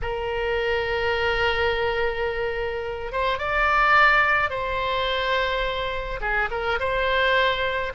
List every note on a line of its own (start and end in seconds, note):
0.02 3.12 A#4
3.12 3.38 C5
3.38 4.50 D5
4.50 6.20 C5
6.21 6.49 G#4
6.50 6.79 A#4
6.79 7.92 C5